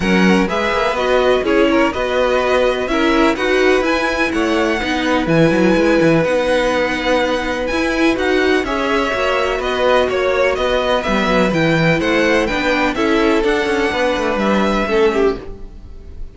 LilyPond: <<
  \new Staff \with { instrumentName = "violin" } { \time 4/4 \tempo 4 = 125 fis''4 e''4 dis''4 cis''4 | dis''2 e''4 fis''4 | gis''4 fis''2 gis''4~ | gis''4 fis''2. |
gis''4 fis''4 e''2 | dis''4 cis''4 dis''4 e''4 | g''4 fis''4 g''4 e''4 | fis''2 e''2 | }
  \new Staff \with { instrumentName = "violin" } { \time 4/4 ais'4 b'2 gis'8 ais'8 | b'2 ais'4 b'4~ | b'4 cis''4 b'2~ | b'1~ |
b'2 cis''2 | b'4 cis''4 b'2~ | b'4 c''4 b'4 a'4~ | a'4 b'2 a'8 g'8 | }
  \new Staff \with { instrumentName = "viola" } { \time 4/4 cis'4 gis'4 fis'4 e'4 | fis'2 e'4 fis'4 | e'2 dis'4 e'4~ | e'4 dis'2. |
e'4 fis'4 gis'4 fis'4~ | fis'2. b4 | e'2 d'4 e'4 | d'2. cis'4 | }
  \new Staff \with { instrumentName = "cello" } { \time 4/4 fis4 gis8 ais8 b4 cis'4 | b2 cis'4 dis'4 | e'4 a4 b4 e8 fis8 | gis8 e8 b2. |
e'4 dis'4 cis'4 ais4 | b4 ais4 b4 g8 fis8 | e4 a4 b4 cis'4 | d'8 cis'8 b8 a8 g4 a4 | }
>>